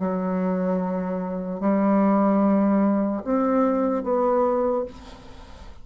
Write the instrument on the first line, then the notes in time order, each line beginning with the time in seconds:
bassoon
0.00 F#3
1.61 G3
3.25 C4
4.04 B3